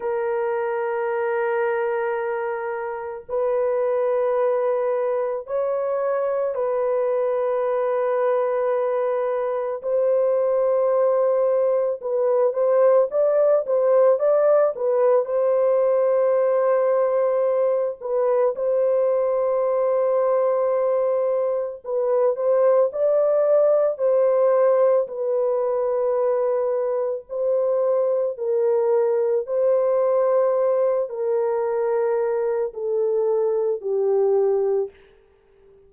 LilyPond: \new Staff \with { instrumentName = "horn" } { \time 4/4 \tempo 4 = 55 ais'2. b'4~ | b'4 cis''4 b'2~ | b'4 c''2 b'8 c''8 | d''8 c''8 d''8 b'8 c''2~ |
c''8 b'8 c''2. | b'8 c''8 d''4 c''4 b'4~ | b'4 c''4 ais'4 c''4~ | c''8 ais'4. a'4 g'4 | }